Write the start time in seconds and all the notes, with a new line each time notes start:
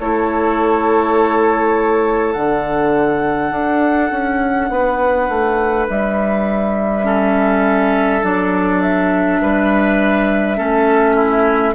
0.00 A3 E4 A4 C#5
2.33 D3 D4 F#5
3.51 D4
4.11 C#4
4.69 B3 B4
5.29 A3
5.89 G3 E5
7.03 C#4 A4
8.22 F#3 D4 D5
8.81 E5
9.41 G3 B4
10.56 A3 C#4 A4
11.15 E4